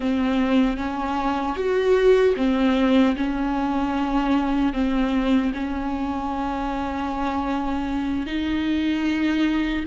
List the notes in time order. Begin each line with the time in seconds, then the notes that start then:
0.00 C4
0.77 C#4
1.55 F#4
2.36 C4
3.16 C#4
4.73 C4
5.54 C#4
8.26 D#4